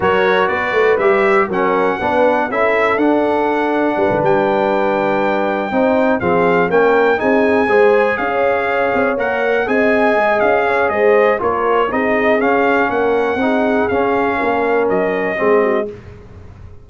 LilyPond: <<
  \new Staff \with { instrumentName = "trumpet" } { \time 4/4 \tempo 4 = 121 cis''4 d''4 e''4 fis''4~ | fis''4 e''4 fis''2~ | fis''8 g''2.~ g''8~ | g''8 f''4 g''4 gis''4.~ |
gis''8 f''2 fis''4 gis''8~ | gis''4 f''4 dis''4 cis''4 | dis''4 f''4 fis''2 | f''2 dis''2 | }
  \new Staff \with { instrumentName = "horn" } { \time 4/4 ais'4 b'2 ais'4 | b'4 a'2. | b'2.~ b'8 c''8~ | c''8 gis'4 ais'4 gis'4 c''8~ |
c''8 cis''2. dis''8~ | dis''4. cis''8 c''4 ais'4 | gis'2 ais'4 gis'4~ | gis'4 ais'2 gis'8 fis'8 | }
  \new Staff \with { instrumentName = "trombone" } { \time 4/4 fis'2 g'4 cis'4 | d'4 e'4 d'2~ | d'2.~ d'8 dis'8~ | dis'8 c'4 cis'4 dis'4 gis'8~ |
gis'2~ gis'8 ais'4 gis'8~ | gis'2. f'4 | dis'4 cis'2 dis'4 | cis'2. c'4 | }
  \new Staff \with { instrumentName = "tuba" } { \time 4/4 fis4 b8 a8 g4 fis4 | b4 cis'4 d'2 | g16 d16 g2. c'8~ | c'8 f4 ais4 c'4 gis8~ |
gis8 cis'4. c'8 ais4 c'8~ | c'8 gis8 cis'4 gis4 ais4 | c'4 cis'4 ais4 c'4 | cis'4 ais4 fis4 gis4 | }
>>